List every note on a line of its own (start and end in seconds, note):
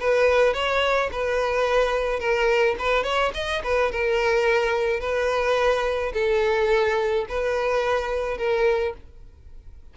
0.00 0.53 B4
0.53 1.09 C#5
1.12 2.19 B4
2.19 2.76 A#4
2.79 3.04 B4
3.04 3.32 C#5
3.34 3.62 D#5
3.63 3.92 B4
3.92 5.00 A#4
5.00 6.12 B4
6.14 7.26 A4
7.28 8.38 B4
8.38 8.94 A#4